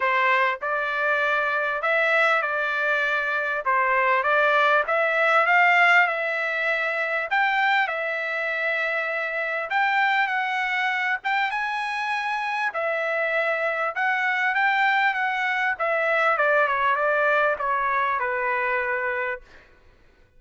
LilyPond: \new Staff \with { instrumentName = "trumpet" } { \time 4/4 \tempo 4 = 99 c''4 d''2 e''4 | d''2 c''4 d''4 | e''4 f''4 e''2 | g''4 e''2. |
g''4 fis''4. g''8 gis''4~ | gis''4 e''2 fis''4 | g''4 fis''4 e''4 d''8 cis''8 | d''4 cis''4 b'2 | }